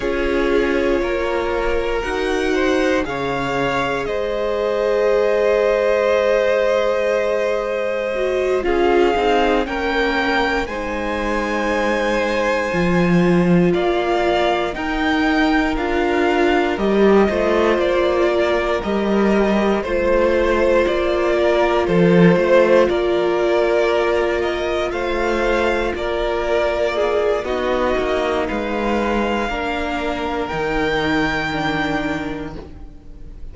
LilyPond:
<<
  \new Staff \with { instrumentName = "violin" } { \time 4/4 \tempo 4 = 59 cis''2 fis''4 f''4 | dis''1~ | dis''8 f''4 g''4 gis''4.~ | gis''4. f''4 g''4 f''8~ |
f''8 dis''4 d''4 dis''4 c''8~ | c''8 d''4 c''4 d''4. | dis''8 f''4 d''4. dis''4 | f''2 g''2 | }
  \new Staff \with { instrumentName = "violin" } { \time 4/4 gis'4 ais'4. c''8 cis''4 | c''1~ | c''8 gis'4 ais'4 c''4.~ | c''4. d''4 ais'4.~ |
ais'4 c''4 ais'4. c''8~ | c''4 ais'8 a'8 c''8 ais'4.~ | ais'8 c''4 ais'4 gis'8 fis'4 | b'4 ais'2. | }
  \new Staff \with { instrumentName = "viola" } { \time 4/4 f'2 fis'4 gis'4~ | gis'1 | fis'8 f'8 dis'8 cis'4 dis'4.~ | dis'8 f'2 dis'4 f'8~ |
f'8 g'8 f'4. g'4 f'8~ | f'1~ | f'2. dis'4~ | dis'4 d'4 dis'4 d'4 | }
  \new Staff \with { instrumentName = "cello" } { \time 4/4 cis'4 ais4 dis'4 cis4 | gis1~ | gis8 cis'8 c'8 ais4 gis4.~ | gis8 f4 ais4 dis'4 d'8~ |
d'8 g8 a8 ais4 g4 a8~ | a8 ais4 f8 a8 ais4.~ | ais8 a4 ais4. b8 ais8 | gis4 ais4 dis2 | }
>>